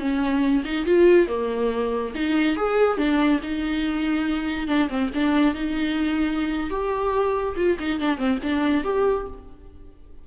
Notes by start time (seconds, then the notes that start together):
0.00 C#4
0.65 D#4
0.86 F4
1.28 A#3
2.15 D#4
2.57 G#4
2.98 D4
3.43 D#4
4.68 D4
4.90 C4
5.15 D4
5.55 D#4
6.70 G4
7.57 F4
7.79 D#4
8.00 D4
8.18 C4
8.43 D4
8.85 G4